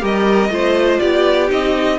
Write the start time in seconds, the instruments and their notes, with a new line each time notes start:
0.00 cello G3, viola G4, violin A#4 D#5
0.49 cello A3, viola F4, violin C5
0.99 cello B3, violin G4 D5
1.48 cello C4, viola D#4, violin D#5